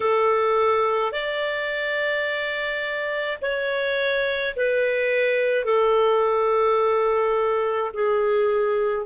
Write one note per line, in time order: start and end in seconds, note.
0.00 1.12 A4
1.12 3.38 D5
3.41 4.54 C#5
4.55 5.64 B4
5.64 7.91 A4
7.93 9.06 G#4